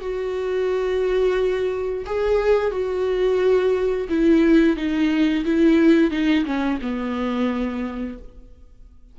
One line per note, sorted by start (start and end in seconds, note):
0.00 2.05 F#4
2.06 2.71 G#4
2.71 4.07 F#4
4.09 4.76 E4
4.76 5.44 D#4
5.45 6.11 E4
6.11 6.45 D#4
6.45 6.79 C#4
6.82 8.18 B3